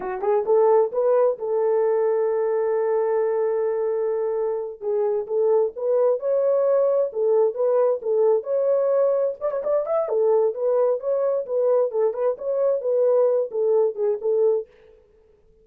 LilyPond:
\new Staff \with { instrumentName = "horn" } { \time 4/4 \tempo 4 = 131 fis'8 gis'8 a'4 b'4 a'4~ | a'1~ | a'2~ a'8 gis'4 a'8~ | a'8 b'4 cis''2 a'8~ |
a'8 b'4 a'4 cis''4.~ | cis''8 d''16 cis''16 d''8 e''8 a'4 b'4 | cis''4 b'4 a'8 b'8 cis''4 | b'4. a'4 gis'8 a'4 | }